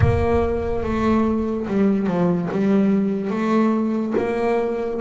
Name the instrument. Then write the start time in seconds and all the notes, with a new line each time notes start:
double bass
0.00 A#3
0.83 A3
1.67 G3
2.06 F3
2.51 G3
3.30 A3
4.17 A#3